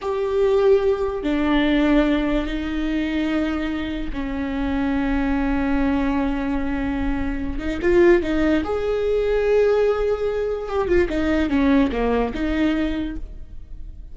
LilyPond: \new Staff \with { instrumentName = "viola" } { \time 4/4 \tempo 4 = 146 g'2. d'4~ | d'2 dis'2~ | dis'2 cis'2~ | cis'1~ |
cis'2~ cis'8 dis'8 f'4 | dis'4 gis'2.~ | gis'2 g'8 f'8 dis'4 | cis'4 ais4 dis'2 | }